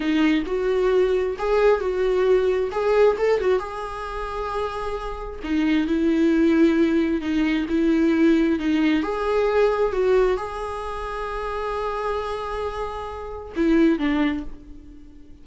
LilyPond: \new Staff \with { instrumentName = "viola" } { \time 4/4 \tempo 4 = 133 dis'4 fis'2 gis'4 | fis'2 gis'4 a'8 fis'8 | gis'1 | dis'4 e'2. |
dis'4 e'2 dis'4 | gis'2 fis'4 gis'4~ | gis'1~ | gis'2 e'4 d'4 | }